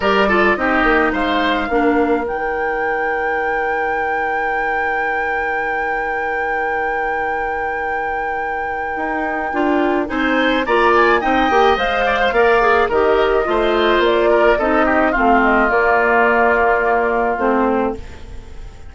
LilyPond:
<<
  \new Staff \with { instrumentName = "flute" } { \time 4/4 \tempo 4 = 107 d''4 dis''4 f''2 | g''1~ | g''1~ | g''1~ |
g''2 gis''4 ais''8 gis''8 | g''4 f''2 dis''4~ | dis''4 d''4 dis''4 f''8 dis''8 | d''2. c''4 | }
  \new Staff \with { instrumentName = "oboe" } { \time 4/4 ais'8 a'8 g'4 c''4 ais'4~ | ais'1~ | ais'1~ | ais'1~ |
ais'2 c''4 d''4 | dis''4. d''16 c''16 d''4 ais'4 | c''4. ais'8 a'8 g'8 f'4~ | f'1 | }
  \new Staff \with { instrumentName = "clarinet" } { \time 4/4 g'8 f'8 dis'2 d'4 | dis'1~ | dis'1~ | dis'1~ |
dis'4 f'4 dis'4 f'4 | dis'8 g'8 c''4 ais'8 gis'8 g'4 | f'2 dis'4 c'4 | ais2. c'4 | }
  \new Staff \with { instrumentName = "bassoon" } { \time 4/4 g4 c'8 ais8 gis4 ais4 | dis1~ | dis1~ | dis1 |
dis'4 d'4 c'4 ais4 | c'8 ais8 gis4 ais4 dis4 | a4 ais4 c'4 a4 | ais2. a4 | }
>>